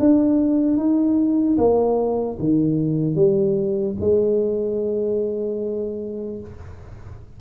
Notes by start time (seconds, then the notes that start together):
0.00 D4
0.77 D#4
1.58 A#3
2.40 D#3
3.15 G3
4.01 G#3